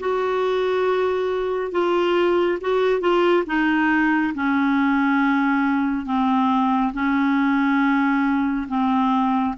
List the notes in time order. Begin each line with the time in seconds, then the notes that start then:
0.00 F#4
1.72 F4
2.61 F#4
3.00 F4
3.46 D#4
4.34 C#4
6.06 C4
6.93 C#4
8.68 C4